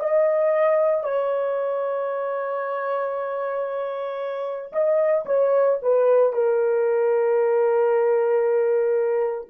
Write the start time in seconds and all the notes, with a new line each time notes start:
0.00 D#5
1.04 C#5
4.73 D#5
5.26 C#5
5.82 B4
6.33 A#4